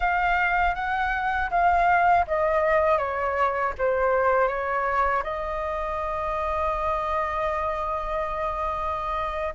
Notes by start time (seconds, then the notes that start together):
0.00 F5
0.75 F#5
1.50 F5
2.27 D#5
2.98 C#5
3.78 C5
4.48 C#5
5.23 D#5